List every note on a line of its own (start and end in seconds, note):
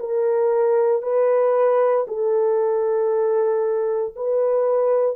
0.00 1.03 A#4
1.03 2.06 B4
2.07 4.14 A4
4.16 5.16 B4